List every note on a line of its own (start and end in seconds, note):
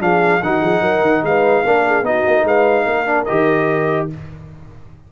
0.00 0.41 F3
0.00 0.41 D4
0.00 0.43 G#4
0.00 0.43 F5
0.43 0.62 D#3
0.43 1.66 D#4
0.43 0.62 F#4
0.43 1.25 F#5
0.62 0.81 F3
0.62 0.82 G#4
0.81 1.01 F#3
0.81 1.22 A#4
1.02 1.22 D#3
1.22 1.63 G#3
1.22 1.65 B4
1.22 2.06 F5
1.65 2.02 A#3
1.65 2.04 D4
1.65 1.85 A#4
1.87 2.07 G#4
2.02 2.23 B3
2.02 3.06 D#4
2.02 2.46 F#4
2.02 2.46 D#5
2.27 2.45 A#3
2.45 2.85 G#3
2.45 2.87 B4
2.45 3.25 F5
2.86 3.27 A#3
2.86 4.11 A#4
3.06 3.26 D4
3.25 4.12 D#3
3.25 4.10 G4
3.25 4.07 D#5